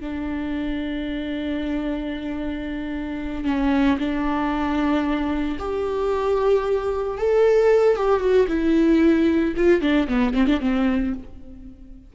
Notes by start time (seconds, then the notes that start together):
0.00 D4
3.45 C#4
3.98 D4
5.59 G4
7.18 A4
7.96 G4
8.20 F#4
8.48 E4
9.56 F4
9.81 D4
10.08 B3
10.34 C4
10.47 D4
10.60 C4